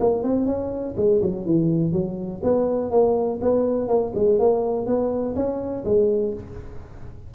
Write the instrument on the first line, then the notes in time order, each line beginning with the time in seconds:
tuba
0.00 A#3
0.23 C4
0.46 C#4
0.97 G#3
1.22 F#3
1.46 E3
1.92 F#3
2.43 B3
2.91 A#3
3.42 B3
3.88 A#3
4.15 G#3
4.39 A#3
4.87 B3
5.35 C#4
5.85 G#3